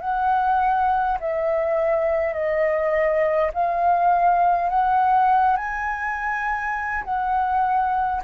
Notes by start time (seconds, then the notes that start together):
0.00 F#5
1.20 E5
2.33 D#5
3.53 F5
4.69 F#5
5.57 G#5
7.04 F#5